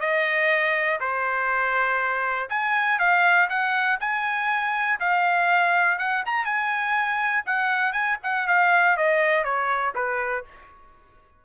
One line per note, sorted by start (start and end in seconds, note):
0.00 0.99 D#5
1.00 2.49 C5
2.49 2.98 G#5
2.99 3.48 F5
3.49 3.98 F#5
4.00 4.99 G#5
4.99 5.98 F5
5.98 6.23 F#5
6.25 6.45 A#5
6.45 7.44 G#5
7.45 7.92 F#5
7.92 8.17 G#5
8.23 8.47 F#5
8.47 8.96 F5
8.96 9.44 D#5
9.44 9.94 C#5
9.95 10.44 B4